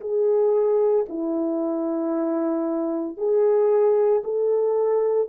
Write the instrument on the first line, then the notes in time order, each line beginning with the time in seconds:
horn
0.00 G#4
1.09 E4
3.17 G#4
4.24 A4